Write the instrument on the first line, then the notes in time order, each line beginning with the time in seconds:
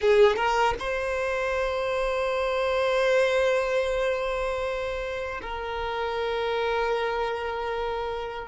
violin
0.01 G#4
0.35 A#4
0.79 C5
5.42 A#4